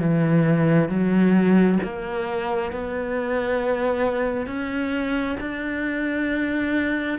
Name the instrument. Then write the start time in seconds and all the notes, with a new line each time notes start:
cello
0.00 E3
0.89 F#3
1.83 A#3
2.72 B3
4.47 C#4
5.41 D4